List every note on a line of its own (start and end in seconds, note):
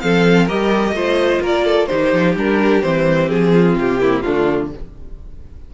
0.00 0.50 F3
0.00 0.48 C4
0.00 0.45 A4
0.00 0.47 F5
0.45 0.92 G3
0.45 0.95 G4
0.45 0.92 A#4
0.45 1.42 D#5
0.92 1.39 A3
0.92 1.88 F4
0.92 1.42 C5
1.41 1.88 A#3
1.41 1.65 A#4
1.41 1.86 D5
1.65 1.88 A4
1.86 2.13 D#3
1.86 2.36 D#4
1.86 3.53 G4
1.86 2.33 C5
2.13 2.36 F3
2.36 2.82 G3
2.36 2.83 D4
2.36 2.82 A#4
2.82 3.30 E3
2.82 4.00 C4
2.82 3.29 C5
3.29 3.76 F3
3.29 3.76 G#4
3.54 4.01 F4
3.76 4.23 C3
3.76 4.21 G4
4.00 4.24 A#3
4.00 4.24 E4
4.21 4.74 D3
4.21 4.71 A3
4.21 4.71 D4
4.21 4.68 F4